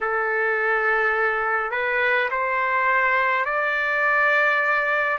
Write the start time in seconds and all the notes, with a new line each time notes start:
0.01 A4
1.71 B4
2.30 C5
3.45 D5